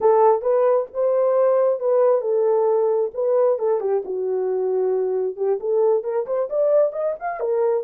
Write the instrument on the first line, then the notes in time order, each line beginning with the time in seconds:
horn
0.01 A4
0.41 B4
0.93 C5
1.79 B4
2.21 A4
3.13 B4
3.58 A4
3.80 G4
4.05 F#4
5.36 G4
5.60 A4
6.03 A#4
6.26 C5
6.49 D5
6.92 D#5
7.19 F5
7.40 A#4